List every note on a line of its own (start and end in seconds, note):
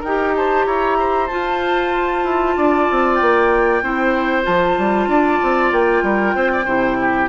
0.00 0.66 D#4
0.00 0.32 A#4
0.00 0.35 G5
0.07 1.31 G4
0.36 0.66 C5
0.36 0.65 A5
0.65 1.29 E4
0.65 0.98 C#5
0.65 1.27 A#5
0.99 2.57 C5
1.27 3.83 F4
1.27 2.24 F4
1.27 3.16 A5
2.24 2.56 E4
2.56 2.88 D4
2.56 3.83 D5
2.91 3.21 C4
3.16 3.82 A#3
3.16 4.42 G5
3.82 4.46 C4
3.82 4.43 E4
3.82 5.09 C5
4.43 4.78 F3
4.43 6.64 F4
4.43 5.71 A5
4.78 5.07 G3
5.07 5.39 D4
5.07 6.04 D5
5.43 5.72 C4
5.72 6.03 A#3
5.72 7.29 G5
6.03 6.34 G3
6.03 6.35 A#4
6.35 6.65 C4
6.35 6.51 C5
6.52 6.65 D5
6.65 7.29 C3
6.65 7.29 E4
6.65 6.97 C5
7.01 7.29 G4